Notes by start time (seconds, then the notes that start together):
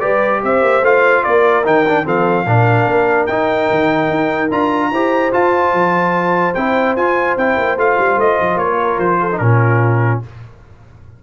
0.00 G3 G4 B4 D5
0.43 C4 C5 E5
0.62 A#3
0.82 A3 F4 F5
1.23 A#3 A#4 D5
1.64 D#3 D#4 G5
1.88 D4
2.05 F3 C4 A4 F5
2.45 A#2 D4 A#4
2.87 A#3
3.26 D#4 G5
3.70 D#3
4.10 D#4
4.51 D4 F4 A#5
4.91 E4 G4 C5
5.32 F4 A5
5.73 F3
6.54 C4 E4 G5
6.96 F4 G#5
7.36 C4 E4 G5
7.57 A#3
7.77 A3 F4 F5
7.98 G3
8.17 A3 D#5
8.39 F3
8.56 A#3 C#5
8.79 A#4
8.99 F3 C5
9.20 A4
9.32 D#4
9.38 A#2 C#4 F4 A#4